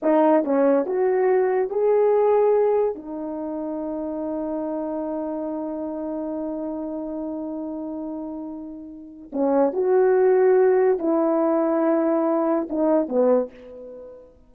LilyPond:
\new Staff \with { instrumentName = "horn" } { \time 4/4 \tempo 4 = 142 dis'4 cis'4 fis'2 | gis'2. dis'4~ | dis'1~ | dis'1~ |
dis'1~ | dis'2 cis'4 fis'4~ | fis'2 e'2~ | e'2 dis'4 b4 | }